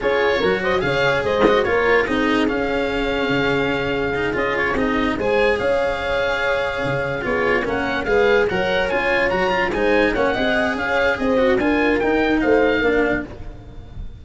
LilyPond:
<<
  \new Staff \with { instrumentName = "oboe" } { \time 4/4 \tempo 4 = 145 cis''4. dis''8 f''4 dis''4 | cis''4 dis''4 f''2~ | f''2~ f''8 dis''8 cis''8 dis''8~ | dis''8 gis''4 f''2~ f''8~ |
f''4. cis''4 fis''4 f''8~ | f''8 fis''4 gis''4 ais''4 gis''8~ | gis''8 fis''4. f''4 dis''4 | gis''4 g''4 f''2 | }
  \new Staff \with { instrumentName = "horn" } { \time 4/4 gis'4 ais'8 c''8 cis''4 c''4 | ais'4 gis'2.~ | gis'1~ | gis'8 c''4 cis''2~ cis''8~ |
cis''4. gis'4 ais'4 b'8~ | b'8 cis''2. c''8~ | c''8 cis''8 dis''4 cis''4 c''4 | ais'2 c''4 ais'4 | }
  \new Staff \with { instrumentName = "cello" } { \time 4/4 f'4 fis'4 gis'4. fis'8 | f'4 dis'4 cis'2~ | cis'2 dis'8 f'4 dis'8~ | dis'8 gis'2.~ gis'8~ |
gis'4. f'4 cis'4 gis'8~ | gis'8 ais'4 f'4 fis'8 f'8 dis'8~ | dis'8 cis'8 gis'2~ gis'8 fis'8 | f'4 dis'2 d'4 | }
  \new Staff \with { instrumentName = "tuba" } { \time 4/4 cis'4 fis4 cis4 gis4 | ais4 c'4 cis'2 | cis2~ cis8 cis'4 c'8~ | c'8 gis4 cis'2~ cis'8~ |
cis'8 cis4 b4 ais4 gis8~ | gis8 fis4 cis'4 fis4 gis8~ | gis8 ais8 c'4 cis'4 c'4 | d'4 dis'4 a4 ais4 | }
>>